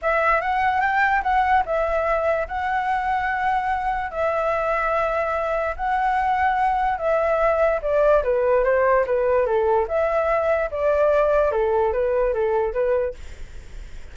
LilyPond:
\new Staff \with { instrumentName = "flute" } { \time 4/4 \tempo 4 = 146 e''4 fis''4 g''4 fis''4 | e''2 fis''2~ | fis''2 e''2~ | e''2 fis''2~ |
fis''4 e''2 d''4 | b'4 c''4 b'4 a'4 | e''2 d''2 | a'4 b'4 a'4 b'4 | }